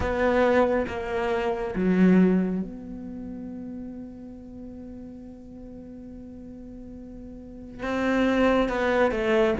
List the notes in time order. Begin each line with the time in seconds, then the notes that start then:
0.00 B3
0.87 A#3
1.75 F#3
2.62 B3
7.83 C4
8.68 B3
9.11 A3